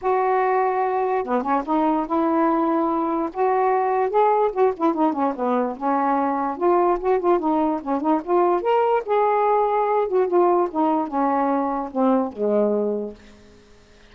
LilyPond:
\new Staff \with { instrumentName = "saxophone" } { \time 4/4 \tempo 4 = 146 fis'2. b8 cis'8 | dis'4 e'2. | fis'2 gis'4 fis'8 e'8 | dis'8 cis'8 b4 cis'2 |
f'4 fis'8 f'8 dis'4 cis'8 dis'8 | f'4 ais'4 gis'2~ | gis'8 fis'8 f'4 dis'4 cis'4~ | cis'4 c'4 gis2 | }